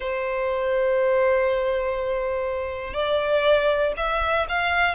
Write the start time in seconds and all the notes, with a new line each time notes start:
0.00 C5
2.93 D5
3.96 E5
4.49 F5